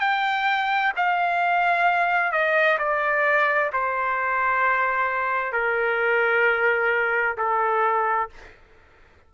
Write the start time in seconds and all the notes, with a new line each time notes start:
0.00 G5
0.96 F5
2.32 D#5
2.78 D5
3.73 C5
5.52 A#4
7.37 A4